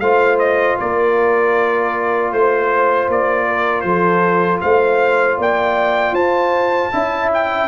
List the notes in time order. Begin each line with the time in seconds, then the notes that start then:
0.00 A3 F4 C5 F5
0.39 D#5
0.78 A#3 A#4 D5
2.33 A3 C5
3.09 A#3 D5
3.47 A#4
3.81 F3 A4 C5
4.61 A3 C5 F5
5.38 A#3 D5 G5
6.13 F4 C5 A5
6.93 C#4 E4 E5
7.34 G5